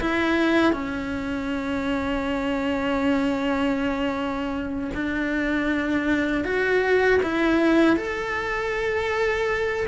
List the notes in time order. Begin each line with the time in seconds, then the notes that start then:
0.00 E4
0.72 C#4
4.94 D4
6.44 F#4
7.23 E4
7.96 A4